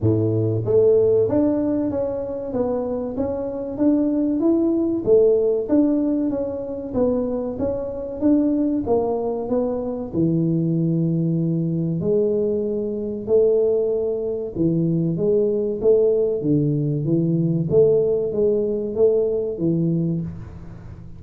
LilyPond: \new Staff \with { instrumentName = "tuba" } { \time 4/4 \tempo 4 = 95 a,4 a4 d'4 cis'4 | b4 cis'4 d'4 e'4 | a4 d'4 cis'4 b4 | cis'4 d'4 ais4 b4 |
e2. gis4~ | gis4 a2 e4 | gis4 a4 d4 e4 | a4 gis4 a4 e4 | }